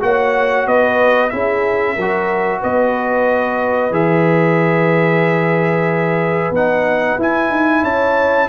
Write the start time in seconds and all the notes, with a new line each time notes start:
0.00 A#3 F#4 C#5 F#5
0.66 B3 B4 D#5
1.29 C#4 E4 G#4 E5
1.95 F#3 F#4 A#4
2.59 B3 B4 D#5
3.90 E3 G#4 E5
6.50 B3 D#4 F#5
7.17 E4 G#5
7.50 D#4
7.82 C#4 C#5 A5